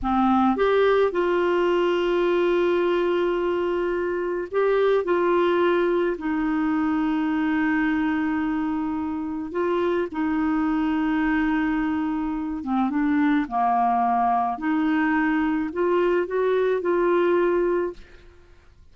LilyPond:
\new Staff \with { instrumentName = "clarinet" } { \time 4/4 \tempo 4 = 107 c'4 g'4 f'2~ | f'1 | g'4 f'2 dis'4~ | dis'1~ |
dis'4 f'4 dis'2~ | dis'2~ dis'8 c'8 d'4 | ais2 dis'2 | f'4 fis'4 f'2 | }